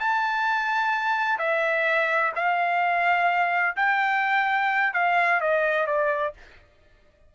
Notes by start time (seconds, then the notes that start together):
0.00 A5
1.39 E5
2.36 F5
3.77 G5
4.94 F5
5.41 D#5
5.87 D5